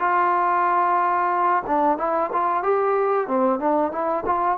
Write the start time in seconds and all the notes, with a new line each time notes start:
0.00 F4
1.67 D4
1.98 E4
2.33 F4
2.63 G4
3.28 C4
3.60 D4
3.92 E4
4.26 F4